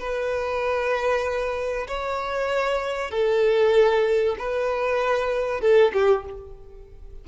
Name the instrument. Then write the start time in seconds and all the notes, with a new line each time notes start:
violin
0.00 B4
1.88 C#5
3.11 A4
4.39 B4
5.61 A4
5.93 G4